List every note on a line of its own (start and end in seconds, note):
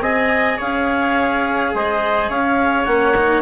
0.00 0.57 C4
0.00 2.86 G#4
0.00 0.58 D#5
0.00 0.59 G#5
0.58 1.74 C#4
0.58 1.72 C#5
0.58 1.75 F5
1.74 2.29 G#3
1.74 2.30 C5
1.74 2.30 D#5
2.29 2.86 C#4
2.29 3.41 C#5
2.29 2.85 F5
2.85 3.41 A#3
2.85 3.15 C#4
2.85 3.41 F#5
3.16 3.41 D#4